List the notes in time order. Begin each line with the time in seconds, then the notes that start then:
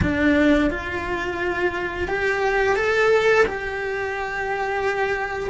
0.02 D4
0.70 F4
2.08 G4
2.76 A4
3.45 G4